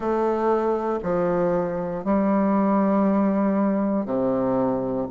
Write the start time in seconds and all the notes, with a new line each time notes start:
0.00 A3
1.02 F3
2.04 G3
4.05 C3